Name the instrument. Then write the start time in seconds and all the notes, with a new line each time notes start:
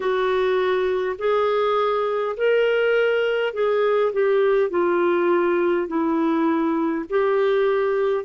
clarinet
0.00 F#4
1.18 G#4
2.36 A#4
3.53 G#4
4.12 G4
4.70 F4
5.87 E4
7.09 G4